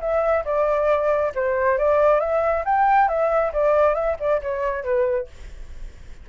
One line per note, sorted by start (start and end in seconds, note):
0.00 0.44 E5
0.45 1.32 D5
1.35 1.78 C5
1.78 2.20 D5
2.20 2.64 E5
2.65 3.08 G5
3.08 3.52 E5
3.53 3.94 D5
3.94 4.16 E5
4.19 4.41 D5
4.42 4.84 C#5
4.84 5.27 B4